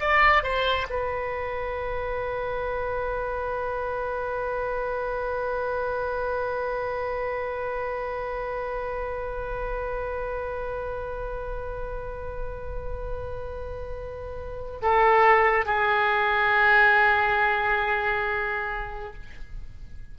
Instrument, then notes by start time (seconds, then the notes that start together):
oboe
0.00 D5
0.43 C5
0.90 B4
14.82 A4
15.66 G#4